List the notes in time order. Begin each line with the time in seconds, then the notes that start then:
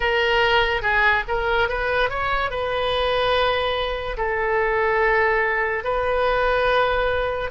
0.00 A#4
0.81 G#4
1.28 A#4
1.69 B4
2.09 C#5
2.50 B4
4.17 A4
5.83 B4